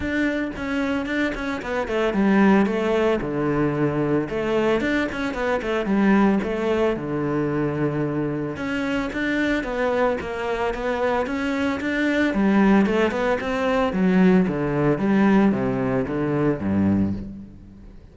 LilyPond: \new Staff \with { instrumentName = "cello" } { \time 4/4 \tempo 4 = 112 d'4 cis'4 d'8 cis'8 b8 a8 | g4 a4 d2 | a4 d'8 cis'8 b8 a8 g4 | a4 d2. |
cis'4 d'4 b4 ais4 | b4 cis'4 d'4 g4 | a8 b8 c'4 fis4 d4 | g4 c4 d4 g,4 | }